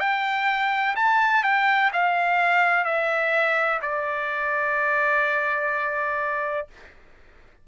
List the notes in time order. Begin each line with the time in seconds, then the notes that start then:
0.00 G5
0.96 A5
1.43 G5
1.93 F5
2.84 E5
3.82 D5